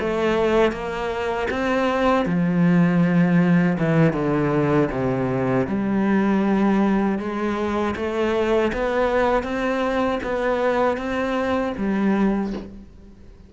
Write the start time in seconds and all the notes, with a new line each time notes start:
0.00 A3
0.72 A#3
1.51 C4
2.25 F3
3.78 E3
4.13 D3
4.91 C3
5.67 G3
7.19 G#3
7.96 A3
8.73 B3
9.43 C4
10.23 B3
10.97 C4
11.77 G3